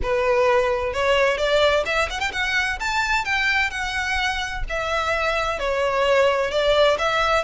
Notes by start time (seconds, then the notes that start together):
0.02 B4
0.93 C#5
1.37 D5
1.85 E5
2.10 F#5
2.19 G5
2.32 F#5
2.79 A5
3.24 G5
3.70 F#5
4.69 E5
5.59 C#5
6.51 D5
6.98 E5